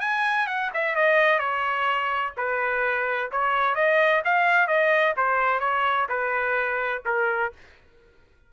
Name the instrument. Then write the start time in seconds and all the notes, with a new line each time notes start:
trumpet
0.00 G#5
0.47 F#5
0.74 E5
0.95 D#5
1.39 C#5
2.37 B4
3.31 C#5
3.75 D#5
4.24 F5
4.67 D#5
5.16 C5
5.60 C#5
6.09 B4
7.05 A#4